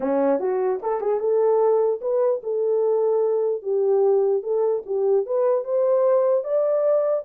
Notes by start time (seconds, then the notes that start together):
0.00 C#4
0.39 F#4
0.82 A4
1.00 G#4
1.19 A4
2.01 B4
2.43 A4
3.62 G4
4.42 A4
4.86 G4
5.26 B4
5.64 C5
6.43 D5